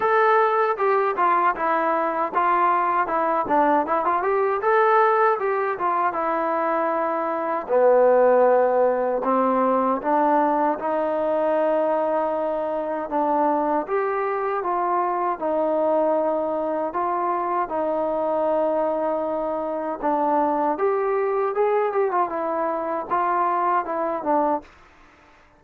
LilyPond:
\new Staff \with { instrumentName = "trombone" } { \time 4/4 \tempo 4 = 78 a'4 g'8 f'8 e'4 f'4 | e'8 d'8 e'16 f'16 g'8 a'4 g'8 f'8 | e'2 b2 | c'4 d'4 dis'2~ |
dis'4 d'4 g'4 f'4 | dis'2 f'4 dis'4~ | dis'2 d'4 g'4 | gis'8 g'16 f'16 e'4 f'4 e'8 d'8 | }